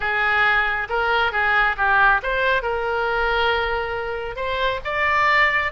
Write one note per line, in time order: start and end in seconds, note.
0.00 0.88 G#4
0.89 1.32 A#4
1.32 1.75 G#4
1.77 2.21 G4
2.22 2.62 C5
2.62 4.36 A#4
4.36 4.80 C5
4.84 5.72 D5